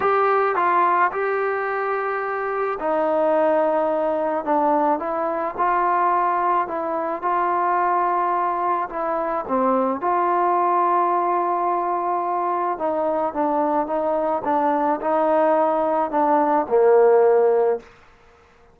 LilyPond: \new Staff \with { instrumentName = "trombone" } { \time 4/4 \tempo 4 = 108 g'4 f'4 g'2~ | g'4 dis'2. | d'4 e'4 f'2 | e'4 f'2. |
e'4 c'4 f'2~ | f'2. dis'4 | d'4 dis'4 d'4 dis'4~ | dis'4 d'4 ais2 | }